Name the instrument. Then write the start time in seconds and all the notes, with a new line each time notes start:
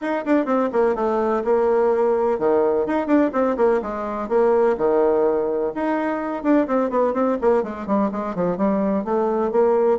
bassoon
0.01 D#4
0.25 D4
0.45 C4
0.72 A#3
0.95 A3
1.44 A#3
2.39 D#3
2.86 D#4
3.06 D4
3.32 C4
3.56 A#3
3.81 G#3
4.28 A#3
4.77 D#3
5.74 D#4
6.43 D4
6.67 C4
6.90 B3
7.13 C4
7.41 A#3
7.63 G#3
7.86 G3
8.11 G#3
8.35 F3
8.57 G3
9.04 A3
9.51 A#3